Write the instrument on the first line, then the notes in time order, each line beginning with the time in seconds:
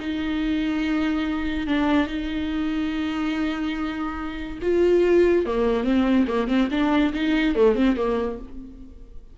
viola
0.00 D#4
1.67 D4
2.07 D#4
4.62 F4
5.46 A#3
5.84 C4
6.27 A#3
6.48 C4
6.71 D4
7.13 D#4
7.55 A3
7.75 C4
7.96 A#3